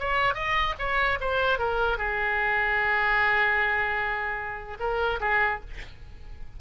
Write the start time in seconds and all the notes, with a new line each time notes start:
0.00 C#5
0.35 D#5
0.79 C#5
1.21 C5
1.59 A#4
1.98 G#4
4.80 A#4
5.21 G#4